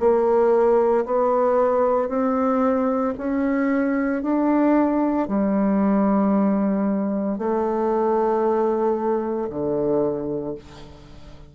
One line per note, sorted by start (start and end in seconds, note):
0.00 1.05 A#3
1.06 2.09 B3
2.09 3.14 C4
3.18 4.23 C#4
4.23 5.28 D4
5.28 7.38 G3
7.38 9.49 A3
9.50 10.55 D3